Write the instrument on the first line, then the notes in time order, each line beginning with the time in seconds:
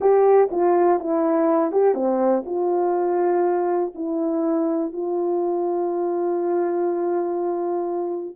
horn
0.00 G4
0.51 F4
0.99 E4
1.71 G4
1.94 C4
2.45 F4
3.94 E4
4.92 F4